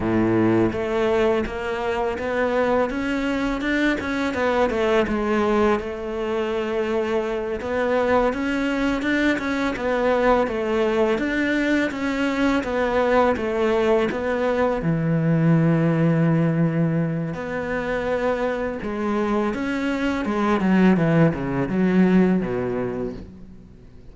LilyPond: \new Staff \with { instrumentName = "cello" } { \time 4/4 \tempo 4 = 83 a,4 a4 ais4 b4 | cis'4 d'8 cis'8 b8 a8 gis4 | a2~ a8 b4 cis'8~ | cis'8 d'8 cis'8 b4 a4 d'8~ |
d'8 cis'4 b4 a4 b8~ | b8 e2.~ e8 | b2 gis4 cis'4 | gis8 fis8 e8 cis8 fis4 b,4 | }